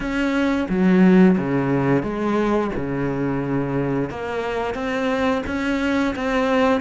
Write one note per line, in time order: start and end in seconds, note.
0.00 0.67 C#4
0.68 1.37 F#3
1.38 2.02 C#3
2.02 2.71 G#3
2.76 4.09 C#3
4.09 4.74 A#3
4.74 5.42 C4
5.46 6.14 C#4
6.15 6.80 C4